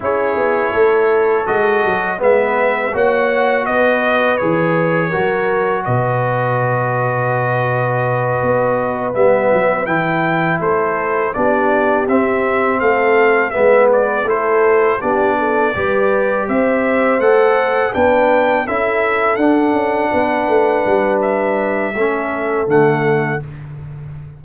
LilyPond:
<<
  \new Staff \with { instrumentName = "trumpet" } { \time 4/4 \tempo 4 = 82 cis''2 dis''4 e''4 | fis''4 dis''4 cis''2 | dis''1~ | dis''8 e''4 g''4 c''4 d''8~ |
d''8 e''4 f''4 e''8 d''8 c''8~ | c''8 d''2 e''4 fis''8~ | fis''8 g''4 e''4 fis''4.~ | fis''4 e''2 fis''4 | }
  \new Staff \with { instrumentName = "horn" } { \time 4/4 gis'4 a'2 b'4 | cis''4 b'2 ais'4 | b'1~ | b'2~ b'8 a'4 g'8~ |
g'4. a'4 b'4 a'8~ | a'8 g'8 a'8 b'4 c''4.~ | c''8 b'4 a'2 b'8~ | b'2 a'2 | }
  \new Staff \with { instrumentName = "trombone" } { \time 4/4 e'2 fis'4 b4 | fis'2 gis'4 fis'4~ | fis'1~ | fis'8 b4 e'2 d'8~ |
d'8 c'2 b4 e'8~ | e'8 d'4 g'2 a'8~ | a'8 d'4 e'4 d'4.~ | d'2 cis'4 a4 | }
  \new Staff \with { instrumentName = "tuba" } { \time 4/4 cis'8 b8 a4 gis8 fis8 gis4 | ais4 b4 e4 fis4 | b,2.~ b,8 b8~ | b8 g8 fis8 e4 a4 b8~ |
b8 c'4 a4 gis4 a8~ | a8 b4 g4 c'4 a8~ | a8 b4 cis'4 d'8 cis'8 b8 | a8 g4. a4 d4 | }
>>